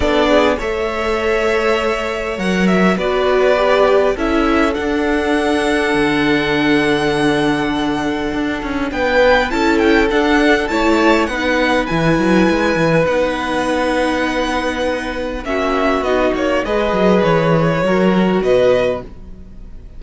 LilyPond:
<<
  \new Staff \with { instrumentName = "violin" } { \time 4/4 \tempo 4 = 101 d''4 e''2. | fis''8 e''8 d''2 e''4 | fis''1~ | fis''2. g''4 |
a''8 g''8 fis''4 a''4 fis''4 | gis''2 fis''2~ | fis''2 e''4 dis''8 cis''8 | dis''4 cis''2 dis''4 | }
  \new Staff \with { instrumentName = "violin" } { \time 4/4 a'8 gis'8 cis''2.~ | cis''4 b'2 a'4~ | a'1~ | a'2. b'4 |
a'2 cis''4 b'4~ | b'1~ | b'2 fis'2 | b'2 ais'4 b'4 | }
  \new Staff \with { instrumentName = "viola" } { \time 4/4 d'4 a'2. | ais'4 fis'4 g'4 e'4 | d'1~ | d'1 |
e'4 d'4 e'4 dis'4 | e'2 dis'2~ | dis'2 cis'4 dis'4 | gis'2 fis'2 | }
  \new Staff \with { instrumentName = "cello" } { \time 4/4 b4 a2. | fis4 b2 cis'4 | d'2 d2~ | d2 d'8 cis'8 b4 |
cis'4 d'4 a4 b4 | e8 fis8 gis8 e8 b2~ | b2 ais4 b8 ais8 | gis8 fis8 e4 fis4 b,4 | }
>>